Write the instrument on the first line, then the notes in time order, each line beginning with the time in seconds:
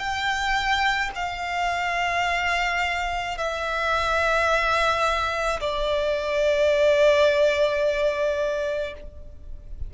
violin
0.00 G5
1.16 F5
3.38 E5
5.61 D5